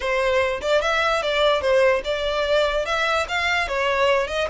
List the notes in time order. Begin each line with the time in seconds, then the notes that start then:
0.00 C5
0.61 D5
0.81 E5
1.22 D5
1.61 C5
2.04 D5
2.85 E5
3.28 F5
3.67 C#5
4.27 D#5